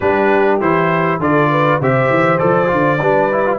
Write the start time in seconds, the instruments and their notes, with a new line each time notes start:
0.00 tuba G3, trombone D4, horn G4, trumpet B4
0.60 tuba E3, trombone E4, trumpet C5
1.19 tuba D3, trombone F4, horn A4, trumpet D5
1.50 horn B4
1.80 tuba C3, trombone G4, horn C5, trumpet E5
2.09 tuba E3
2.38 tuba F3, trombone A4, trumpet D5
2.67 tuba D3, trombone F4
3.00 tuba G3, trombone D4, horn B4
3.32 trombone E4
3.46 trombone F4